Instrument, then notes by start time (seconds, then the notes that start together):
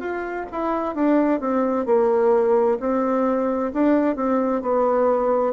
bassoon
0.00 F4
0.52 E4
0.95 D4
1.40 C4
1.86 A#3
2.80 C4
3.73 D4
4.16 C4
4.62 B3